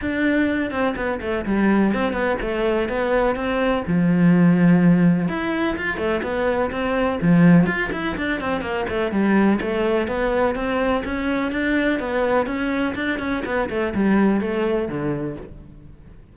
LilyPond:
\new Staff \with { instrumentName = "cello" } { \time 4/4 \tempo 4 = 125 d'4. c'8 b8 a8 g4 | c'8 b8 a4 b4 c'4 | f2. e'4 | f'8 a8 b4 c'4 f4 |
f'8 e'8 d'8 c'8 ais8 a8 g4 | a4 b4 c'4 cis'4 | d'4 b4 cis'4 d'8 cis'8 | b8 a8 g4 a4 d4 | }